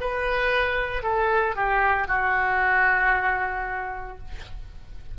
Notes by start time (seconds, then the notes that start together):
0.00 B4
1.03 A4
1.56 G4
2.08 F#4